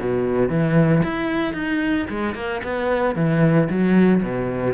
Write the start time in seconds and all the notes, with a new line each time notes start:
0.00 B2
0.49 E3
1.03 E4
1.53 D#4
2.10 G#3
2.35 A#3
2.63 B3
3.15 E3
3.69 F#3
4.23 B2